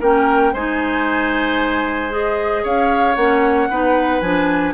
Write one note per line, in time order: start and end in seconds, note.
0.00 0.53 A#3
0.00 0.55 C#4
0.00 0.53 A#4
0.00 0.54 G5
0.53 2.64 G#3
0.53 2.10 D#4
0.53 2.63 C5
0.53 2.12 G#5
2.10 3.15 G#4
2.10 2.64 D#5
2.63 3.16 C#4
2.63 3.68 C#5
2.63 3.15 F5
3.15 3.69 A#3
3.15 3.70 C#4
3.15 4.20 F#5
3.69 4.21 B3
3.69 4.22 D#4
3.69 4.74 B4
4.20 4.74 F3
4.20 4.74 D4
4.20 4.72 G#5